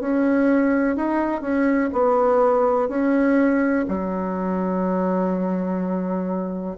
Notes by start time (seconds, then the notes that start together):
0.00 C#4
0.96 D#4
1.41 C#4
1.93 B3
2.89 C#4
3.88 F#3